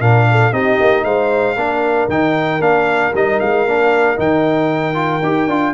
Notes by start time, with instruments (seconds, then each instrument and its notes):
0.00 tuba A#2, trombone D4, horn A#4, trumpet F5
0.31 horn A4
0.52 tuba C4, trombone D#4, horn G4, trumpet D#5
0.80 tuba A#3
1.04 tuba G#3, horn C5, trumpet F5
1.56 tuba A#3, trombone D4, horn A#4
2.08 tuba D#3, trombone D#4, trumpet G5
2.60 tuba A#3, trombone D4, trumpet F5
3.14 tuba G3, trombone D#4, trumpet D#5
3.40 tuba G#3, trumpet F5
3.65 tuba A#3, trombone D4
4.16 tuba D#3, trombone D#4, trumpet G5
4.94 trombone F4
5.22 tuba D#4, trombone G4
5.47 tuba D4, trombone F4